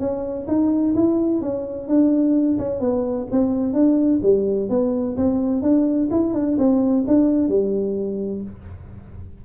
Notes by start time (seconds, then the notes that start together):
0.00 C#4
0.48 D#4
0.95 E4
1.42 C#4
1.88 D4
2.59 C#4
2.81 B3
3.32 C4
3.74 D4
4.23 G3
4.70 B3
5.17 C4
5.62 D4
6.11 E4
6.34 D4
6.59 C4
7.08 D4
7.49 G3